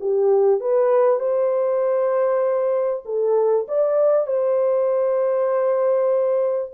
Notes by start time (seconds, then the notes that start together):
0.00 G4
0.60 B4
1.19 C5
3.05 A4
3.68 D5
4.27 C5